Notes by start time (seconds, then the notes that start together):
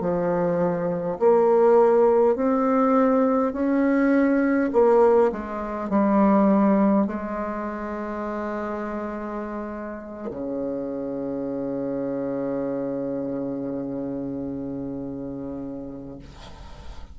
0.00 F3
1.19 A#3
2.35 C4
3.52 C#4
4.72 A#3
5.32 G#3
5.89 G3
7.06 G#3
10.30 C#3